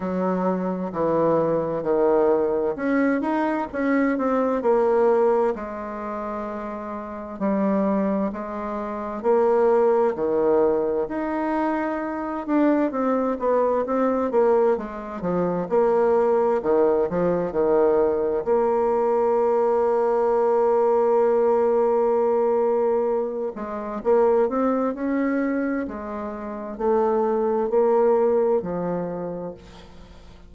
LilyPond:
\new Staff \with { instrumentName = "bassoon" } { \time 4/4 \tempo 4 = 65 fis4 e4 dis4 cis'8 dis'8 | cis'8 c'8 ais4 gis2 | g4 gis4 ais4 dis4 | dis'4. d'8 c'8 b8 c'8 ais8 |
gis8 f8 ais4 dis8 f8 dis4 | ais1~ | ais4. gis8 ais8 c'8 cis'4 | gis4 a4 ais4 f4 | }